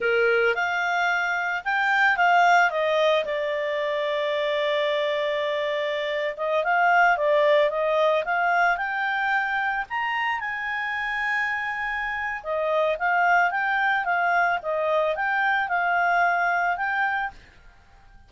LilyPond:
\new Staff \with { instrumentName = "clarinet" } { \time 4/4 \tempo 4 = 111 ais'4 f''2 g''4 | f''4 dis''4 d''2~ | d''2.~ d''8. dis''16~ | dis''16 f''4 d''4 dis''4 f''8.~ |
f''16 g''2 ais''4 gis''8.~ | gis''2. dis''4 | f''4 g''4 f''4 dis''4 | g''4 f''2 g''4 | }